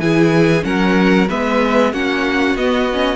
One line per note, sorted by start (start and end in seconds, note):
0.00 0.64 E3
0.00 0.62 E4
0.00 0.66 G#4
0.00 0.64 G#5
0.62 1.29 F#3
0.62 1.26 C#4
0.62 1.30 A#4
0.62 1.29 F#5
1.30 1.93 G#3
1.30 1.93 B3
1.30 1.93 B4
1.30 1.93 E5
1.93 2.55 A#3
1.93 2.57 C#4
1.93 3.16 F#4
1.93 2.57 F#5
2.55 3.16 B3
2.55 2.91 B3
2.55 3.16 D#5
2.93 3.16 C#4